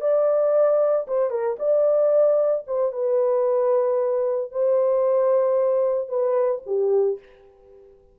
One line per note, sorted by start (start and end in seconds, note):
0.00 1.06 D5
1.07 1.30 C5
1.30 1.56 A#4
1.59 2.65 D5
2.67 2.92 C5
2.92 4.51 B4
4.51 6.08 C5
6.08 6.61 B4
6.66 7.19 G4